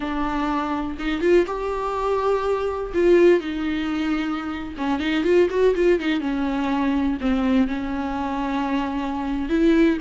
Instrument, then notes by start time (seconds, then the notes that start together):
viola
0.00 D4
0.98 D#4
1.21 F4
1.46 G4
2.94 F4
3.40 D#4
4.77 C#4
4.99 D#4
5.24 F4
5.50 F#4
5.75 F4
5.99 D#4
6.20 C#4
7.20 C4
7.67 C#4
9.49 E4